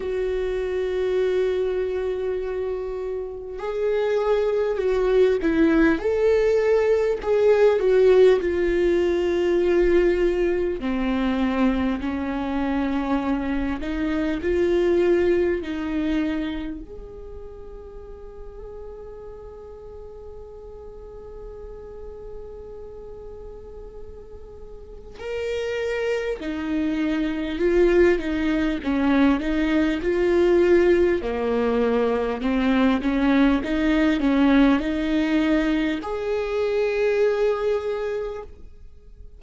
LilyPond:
\new Staff \with { instrumentName = "viola" } { \time 4/4 \tempo 4 = 50 fis'2. gis'4 | fis'8 e'8 a'4 gis'8 fis'8 f'4~ | f'4 c'4 cis'4. dis'8 | f'4 dis'4 gis'2~ |
gis'1~ | gis'4 ais'4 dis'4 f'8 dis'8 | cis'8 dis'8 f'4 ais4 c'8 cis'8 | dis'8 cis'8 dis'4 gis'2 | }